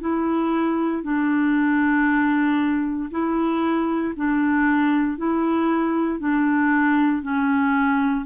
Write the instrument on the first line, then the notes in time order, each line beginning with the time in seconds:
clarinet
0.00 E4
1.03 D4
3.10 E4
4.16 D4
5.17 E4
6.20 D4
7.22 C#4